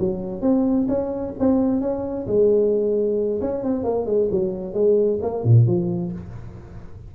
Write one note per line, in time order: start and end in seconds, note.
0.00 0.42 F#3
0.42 0.87 C4
0.88 1.34 C#4
1.40 1.82 C4
1.82 2.27 C#4
2.27 3.41 G#3
3.42 3.64 C#4
3.64 3.84 C4
3.84 4.06 A#3
4.06 4.29 G#3
4.31 4.74 F#3
4.74 5.20 G#3
5.23 5.44 A#3
5.44 5.67 A#2
5.67 6.13 F3